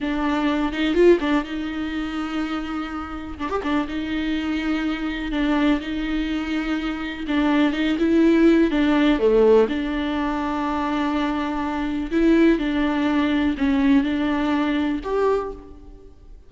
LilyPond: \new Staff \with { instrumentName = "viola" } { \time 4/4 \tempo 4 = 124 d'4. dis'8 f'8 d'8 dis'4~ | dis'2. d'16 g'16 d'8 | dis'2. d'4 | dis'2. d'4 |
dis'8 e'4. d'4 a4 | d'1~ | d'4 e'4 d'2 | cis'4 d'2 g'4 | }